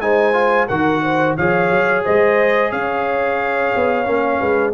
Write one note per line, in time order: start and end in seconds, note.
0.00 0.67 G#3
0.00 0.33 D#4
0.00 0.68 C5
0.00 0.68 G#5
0.33 0.67 F4
0.68 1.37 D#3
0.68 1.38 F#4
0.68 1.02 A#4
0.68 1.35 F#5
1.03 1.36 C5
1.36 1.70 F3
1.36 4.06 G#4
1.36 2.04 C#5
1.36 2.04 F5
1.70 2.04 F#3
2.04 2.72 G#3
2.04 2.71 C5
2.04 2.71 D#5
2.71 3.73 C#4
2.71 4.39 C#5
2.71 4.74 F5
3.76 4.07 B3
4.06 4.40 A#3
4.06 4.73 C#4
4.39 4.74 G#3
4.39 4.73 B4